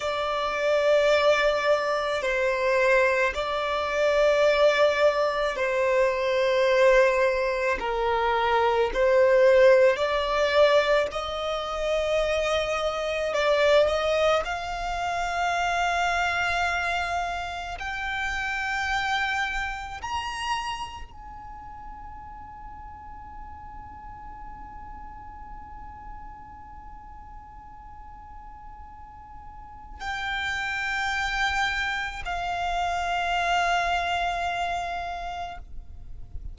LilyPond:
\new Staff \with { instrumentName = "violin" } { \time 4/4 \tempo 4 = 54 d''2 c''4 d''4~ | d''4 c''2 ais'4 | c''4 d''4 dis''2 | d''8 dis''8 f''2. |
g''2 ais''4 gis''4~ | gis''1~ | gis''2. g''4~ | g''4 f''2. | }